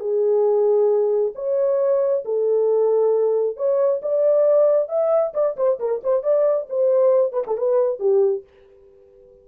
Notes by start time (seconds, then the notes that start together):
0.00 G#4
1.35 C#5
2.25 A4
3.57 C#5
4.02 D5
4.89 E5
5.34 D5
5.57 C5
5.80 A#4
6.04 C5
6.23 D5
6.70 C5
7.33 B4
7.47 A4
7.58 B4
8.00 G4